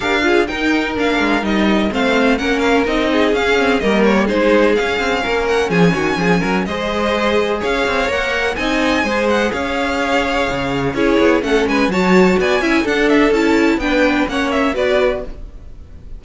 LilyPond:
<<
  \new Staff \with { instrumentName = "violin" } { \time 4/4 \tempo 4 = 126 f''4 g''4 f''4 dis''4 | f''4 fis''8 f''8 dis''4 f''4 | dis''8 cis''8 c''4 f''4. fis''8 | gis''2 dis''2 |
f''4 fis''4 gis''4. fis''8 | f''2. cis''4 | fis''8 gis''8 a''4 gis''4 fis''8 e''8 | a''4 g''4 fis''8 e''8 d''4 | }
  \new Staff \with { instrumentName = "violin" } { \time 4/4 ais'8 gis'8 ais'2. | c''4 ais'4. gis'4. | ais'4 gis'2 ais'4 | gis'8 fis'8 gis'8 ais'8 c''2 |
cis''2 dis''4 c''4 | cis''2. gis'4 | a'8 b'8 cis''4 d''8 e''8 a'4~ | a'4 b'4 cis''4 b'4 | }
  \new Staff \with { instrumentName = "viola" } { \time 4/4 g'8 f'8 dis'4 d'4 dis'4 | c'4 cis'4 dis'4 cis'8 c'8 | ais4 dis'4 cis'2~ | cis'2 gis'2~ |
gis'4 ais'4 dis'4 gis'4~ | gis'2. e'4 | cis'4 fis'4. e'8 d'4 | e'4 d'4 cis'4 fis'4 | }
  \new Staff \with { instrumentName = "cello" } { \time 4/4 d'4 dis'4 ais8 gis8 g4 | a4 ais4 c'4 cis'4 | g4 gis4 cis'8 c'8 ais4 | f8 dis8 f8 fis8 gis2 |
cis'8 c'8 ais4 c'4 gis4 | cis'2 cis4 cis'8 b8 | a8 gis8 fis4 b8 cis'8 d'4 | cis'4 b4 ais4 b4 | }
>>